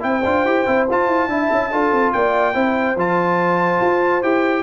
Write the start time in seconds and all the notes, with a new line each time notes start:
0.00 C4 E4 G5
0.08 C5
0.25 D4 F4
0.45 E4 G4
0.67 C4 E4
0.90 F4 A5
1.07 E4
1.28 D4 E4 E5
1.52 C#4
1.72 D4 F4 A4
1.93 C4
2.13 A#3 D5 G5
2.55 C4 E4 C5
2.96 F3 F4 A5
3.81 F4
4.23 E4 G4 G5